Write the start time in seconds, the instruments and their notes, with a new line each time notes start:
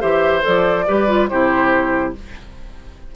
0.00 bassoon E3, clarinet G4, oboe C5, flute E5
0.42 bassoon F3, clarinet A4, flute D5
0.87 bassoon G3, clarinet G4, oboe B4
1.08 clarinet F4
1.29 bassoon C3, clarinet E4, oboe G4, flute C5